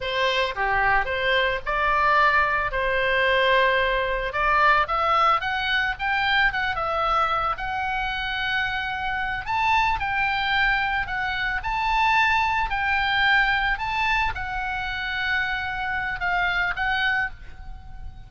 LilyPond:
\new Staff \with { instrumentName = "oboe" } { \time 4/4 \tempo 4 = 111 c''4 g'4 c''4 d''4~ | d''4 c''2. | d''4 e''4 fis''4 g''4 | fis''8 e''4. fis''2~ |
fis''4. a''4 g''4.~ | g''8 fis''4 a''2 g''8~ | g''4. a''4 fis''4.~ | fis''2 f''4 fis''4 | }